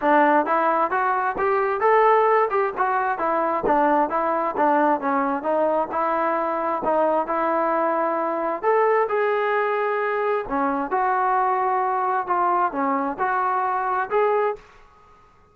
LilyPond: \new Staff \with { instrumentName = "trombone" } { \time 4/4 \tempo 4 = 132 d'4 e'4 fis'4 g'4 | a'4. g'8 fis'4 e'4 | d'4 e'4 d'4 cis'4 | dis'4 e'2 dis'4 |
e'2. a'4 | gis'2. cis'4 | fis'2. f'4 | cis'4 fis'2 gis'4 | }